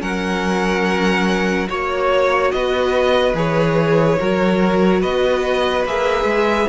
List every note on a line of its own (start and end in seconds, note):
0.00 1.68 F#3
0.00 1.67 C#4
0.00 1.68 A#4
0.00 1.68 F#5
1.67 2.52 A#3
1.67 3.34 F#4
1.67 2.51 C#5
1.67 2.53 C#5
2.51 3.34 B3
2.51 4.19 B4
2.51 3.34 D#5
3.34 4.17 E3
3.34 4.18 G#4
3.34 5.02 C#5
4.19 5.03 F#3
4.19 5.87 F#4
4.19 5.01 A#4
5.01 5.85 B3
5.01 6.67 B4
5.01 5.85 D#5
5.85 6.24 A#3
5.85 6.69 G#4
5.85 6.69 E5
6.24 6.66 G#3